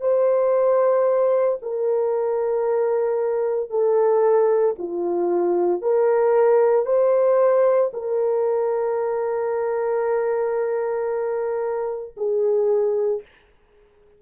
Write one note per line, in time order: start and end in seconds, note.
0.00 1.58 C5
1.62 3.70 A#4
3.70 4.75 A4
4.78 5.81 F4
5.81 6.86 A#4
6.86 7.91 C5
7.93 12.14 A#4
12.17 13.22 G#4